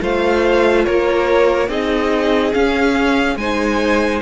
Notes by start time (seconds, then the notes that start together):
0.00 A3 F4 C5 F5
0.85 A#3 A#4 C#5
1.69 C4 D#4 G#4 D#5
2.54 C#4 F5
3.36 G#3 D#4 C5 G#5